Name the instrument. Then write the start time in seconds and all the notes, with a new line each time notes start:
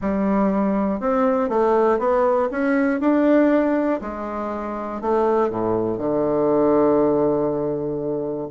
bassoon
0.01 G3
1.00 C4
1.49 A3
1.99 B3
2.51 C#4
3.00 D4
4.01 G#3
5.01 A3
5.50 A2
5.97 D3